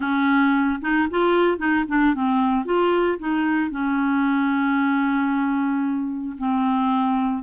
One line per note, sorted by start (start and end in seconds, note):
0.00 0.79 C#4
0.81 1.08 D#4
1.10 1.58 F4
1.58 1.84 D#4
1.88 2.14 D4
2.14 2.65 C4
2.65 3.18 F4
3.18 3.70 D#4
3.70 6.36 C#4
6.38 7.43 C4